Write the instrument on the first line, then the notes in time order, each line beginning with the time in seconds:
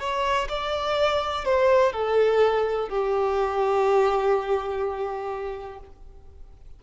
violin
0.00 C#5
0.49 D5
1.45 C5
1.93 A4
2.89 G4